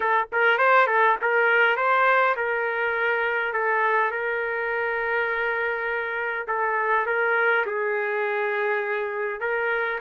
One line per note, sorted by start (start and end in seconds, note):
0.00 0.27 A4
0.32 0.57 A#4
0.57 0.87 C5
0.87 1.16 A4
1.21 1.76 A#4
1.76 2.35 C5
2.36 3.53 A#4
3.53 4.11 A4
4.11 6.46 A#4
6.47 7.06 A4
7.06 7.65 A#4
7.66 9.40 G#4
9.40 9.99 A#4